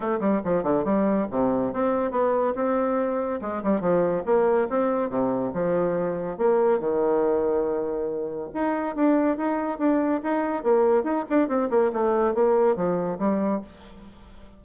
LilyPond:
\new Staff \with { instrumentName = "bassoon" } { \time 4/4 \tempo 4 = 141 a8 g8 f8 d8 g4 c4 | c'4 b4 c'2 | gis8 g8 f4 ais4 c'4 | c4 f2 ais4 |
dis1 | dis'4 d'4 dis'4 d'4 | dis'4 ais4 dis'8 d'8 c'8 ais8 | a4 ais4 f4 g4 | }